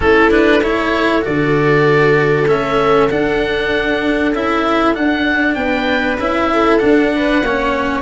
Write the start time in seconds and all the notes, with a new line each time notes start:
0.00 A3 C#4 E4 A4
0.30 D4 B4
0.62 E4 A4 C#5
1.21 D3 F#4 D5
2.47 A3 C#4 E5
3.10 D4 F#5
4.33 C#4 E4 E5
4.94 D4 F#5
5.54 B3 B4 G5
6.19 C#4 E4 E5
6.52 A4
6.77 D4 F#5
7.15 B4
7.42 A#3 C#4 C#5